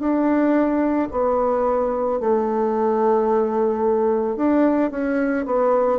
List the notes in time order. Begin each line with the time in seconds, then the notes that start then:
0.00 D4
1.12 B3
2.20 A3
4.37 D4
4.91 C#4
5.46 B3